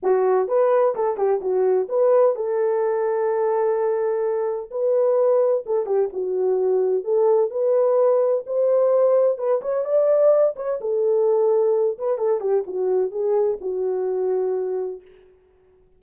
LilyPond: \new Staff \with { instrumentName = "horn" } { \time 4/4 \tempo 4 = 128 fis'4 b'4 a'8 g'8 fis'4 | b'4 a'2.~ | a'2 b'2 | a'8 g'8 fis'2 a'4 |
b'2 c''2 | b'8 cis''8 d''4. cis''8 a'4~ | a'4. b'8 a'8 g'8 fis'4 | gis'4 fis'2. | }